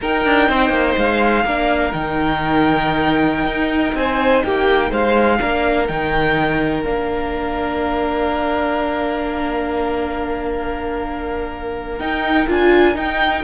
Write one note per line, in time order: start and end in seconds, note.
0.01 0.25 D#4
0.01 1.46 D#4
0.01 0.48 A#4
0.01 0.98 G5
0.25 0.48 D4
0.48 0.69 C4
0.48 1.44 C5
0.69 0.93 A#3
0.97 1.44 G#3
0.97 1.92 F5
1.44 1.92 A#3
1.44 1.93 D4
1.44 3.97 A#4
1.92 3.45 D#3
1.92 5.39 D#4
1.92 3.95 G5
3.45 3.93 D#4
3.94 4.42 C4
3.94 4.45 C5
3.94 4.42 G#5
4.42 4.91 A#3
4.42 4.90 G4
4.42 4.90 G5
4.90 5.39 G#3
4.90 5.38 C5
4.90 5.87 F5
5.39 5.88 A#3
5.39 5.87 D4
5.39 13.43 A#4
5.87 6.84 D#3
5.87 6.83 D#4
5.87 6.83 G5
6.83 11.99 A#3
6.83 11.99 D4
6.83 11.98 F5
11.98 12.47 D#4
11.98 12.46 G5
12.47 12.95 D4
12.47 12.94 F4
12.47 12.97 G#5
12.94 13.42 D#4
12.94 13.43 D#4
12.94 13.43 G5